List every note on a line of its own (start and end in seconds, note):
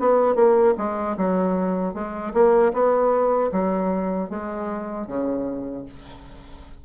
0.00 0.36 B3
0.36 0.75 A#3
0.78 1.17 G#3
1.18 1.94 F#3
1.94 2.33 G#3
2.34 2.73 A#3
2.73 3.51 B3
3.52 4.30 F#3
4.30 5.08 G#3
5.08 5.86 C#3